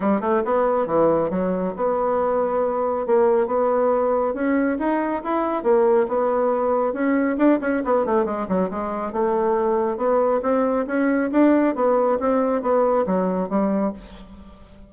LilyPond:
\new Staff \with { instrumentName = "bassoon" } { \time 4/4 \tempo 4 = 138 g8 a8 b4 e4 fis4 | b2. ais4 | b2 cis'4 dis'4 | e'4 ais4 b2 |
cis'4 d'8 cis'8 b8 a8 gis8 fis8 | gis4 a2 b4 | c'4 cis'4 d'4 b4 | c'4 b4 fis4 g4 | }